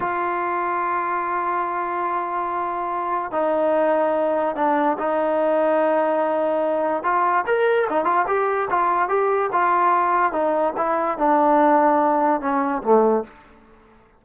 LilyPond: \new Staff \with { instrumentName = "trombone" } { \time 4/4 \tempo 4 = 145 f'1~ | f'1 | dis'2. d'4 | dis'1~ |
dis'4 f'4 ais'4 dis'8 f'8 | g'4 f'4 g'4 f'4~ | f'4 dis'4 e'4 d'4~ | d'2 cis'4 a4 | }